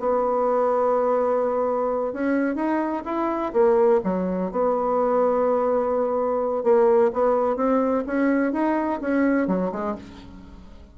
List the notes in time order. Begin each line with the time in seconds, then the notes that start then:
0.00 B3
2.13 C#4
2.56 D#4
3.05 E4
3.53 A#3
4.04 F#3
4.52 B3
6.63 A#3
7.13 B3
7.56 C4
8.07 C#4
8.53 D#4
9.01 C#4
9.47 F#3
9.72 G#3